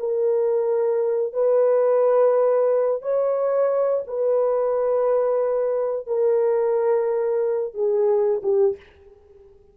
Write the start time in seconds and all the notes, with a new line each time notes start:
0.00 A#4
1.34 B4
3.02 C#5
4.08 B4
6.07 A#4
7.74 G#4
8.43 G4